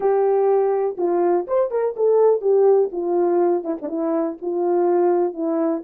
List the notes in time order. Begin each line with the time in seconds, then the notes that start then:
0.00 G4
0.97 F4
1.47 C5
1.70 A#4
1.96 A4
2.41 G4
2.92 F4
3.64 E4
3.81 D4
3.88 E4
4.41 F4
5.33 E4